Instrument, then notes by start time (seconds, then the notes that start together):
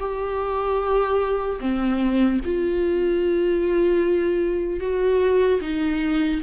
viola
0.00 G4
1.60 C4
2.45 F4
4.81 F#4
5.61 D#4